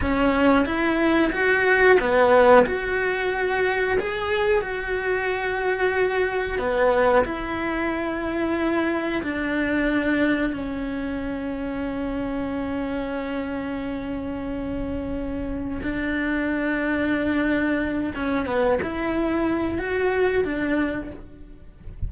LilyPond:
\new Staff \with { instrumentName = "cello" } { \time 4/4 \tempo 4 = 91 cis'4 e'4 fis'4 b4 | fis'2 gis'4 fis'4~ | fis'2 b4 e'4~ | e'2 d'2 |
cis'1~ | cis'1 | d'2.~ d'8 cis'8 | b8 e'4. fis'4 d'4 | }